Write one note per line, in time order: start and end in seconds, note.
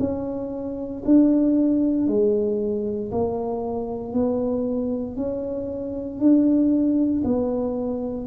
0.00 1.03 C#4
1.05 2.08 D4
2.08 3.11 G#3
3.12 4.14 A#3
4.14 5.17 B3
5.17 6.20 C#4
6.20 7.23 D4
7.25 8.27 B3